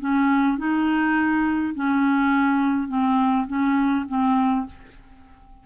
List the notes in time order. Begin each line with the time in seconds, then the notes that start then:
0.00 C#4
0.58 D#4
1.74 C#4
2.88 C4
3.47 C#4
4.08 C4